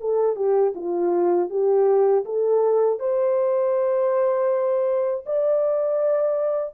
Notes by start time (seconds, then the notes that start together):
0.00 A4
0.36 G4
0.75 F4
1.50 G4
2.25 A4
2.99 C5
5.26 D5